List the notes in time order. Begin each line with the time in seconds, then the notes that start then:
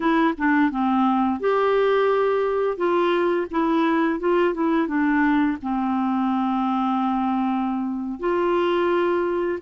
0.00 E4
0.37 D4
0.70 C4
1.40 G4
2.77 F4
3.50 E4
4.19 F4
4.53 E4
4.87 D4
5.62 C4
8.19 F4